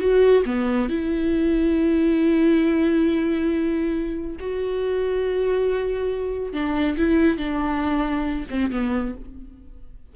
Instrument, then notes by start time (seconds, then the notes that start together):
viola
0.00 F#4
0.46 B3
0.89 E4
4.40 F#4
6.53 D4
6.98 E4
7.38 D4
8.50 C4
8.71 B3